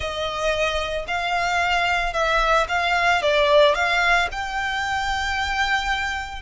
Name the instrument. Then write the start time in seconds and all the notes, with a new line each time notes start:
violin
0.00 D#5
1.07 F5
2.13 E5
2.68 F5
3.22 D5
3.75 F5
4.31 G5